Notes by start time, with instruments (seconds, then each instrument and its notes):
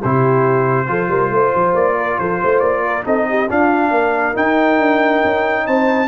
0.00 tuba C3, trombone E4, horn G4, trumpet C5
0.86 tuba F3, trombone F4, horn A4
1.08 tuba G3, horn A#4
1.30 tuba A3, horn C5
1.54 tuba F3
1.73 tuba A#3, trumpet D5
1.96 horn A#4
2.18 tuba F3, horn A4, trumpet C5
2.41 tuba A3, horn C5
2.59 tuba A#3, trumpet D5
2.85 horn A#4
3.04 tuba C4, trombone D#4, horn A4, trumpet D#5
3.29 horn G4
3.49 trombone D4, tuba D4, horn F4, trumpet F5
3.90 tuba A#3, horn A#4
4.34 trombone D#4, tuba D#4, trumpet G5
4.79 tuba D4
5.23 tuba C#4
5.65 tuba C4, horn C5, trumpet A5